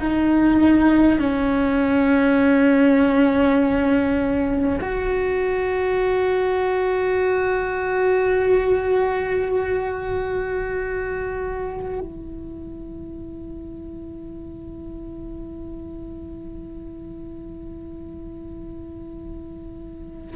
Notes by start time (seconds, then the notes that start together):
0.00 D#4
1.19 C#4
4.81 F#4
12.01 E4